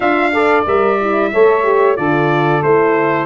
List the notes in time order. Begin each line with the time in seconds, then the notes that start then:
0.00 D4 F4 E5 F5
0.32 A4 D5
0.66 G3 A#4 E5
1.00 E4
1.31 A3 A4 C#5
1.63 G4
1.96 D3 F4 A4 D5
2.62 A3 E4 C5